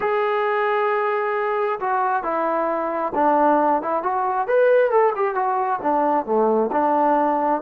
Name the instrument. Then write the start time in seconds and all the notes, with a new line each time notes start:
trombone
0.00 G#4
1.80 F#4
2.23 E4
3.14 D4
3.81 E4
4.02 F#4
4.47 B4
4.91 A4
5.15 G4
5.34 F#4
5.82 D4
6.25 A3
6.72 D4